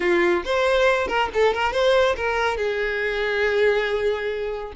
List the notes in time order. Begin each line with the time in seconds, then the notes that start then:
0.00 F4
0.45 C5
1.07 A#4
1.33 A4
1.53 A#4
1.72 C5
2.16 A#4
2.57 G#4